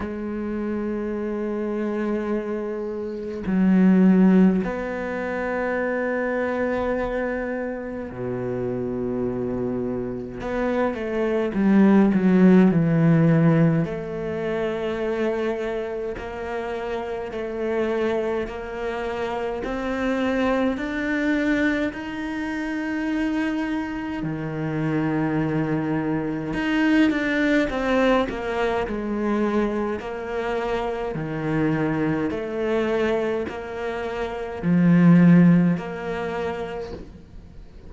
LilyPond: \new Staff \with { instrumentName = "cello" } { \time 4/4 \tempo 4 = 52 gis2. fis4 | b2. b,4~ | b,4 b8 a8 g8 fis8 e4 | a2 ais4 a4 |
ais4 c'4 d'4 dis'4~ | dis'4 dis2 dis'8 d'8 | c'8 ais8 gis4 ais4 dis4 | a4 ais4 f4 ais4 | }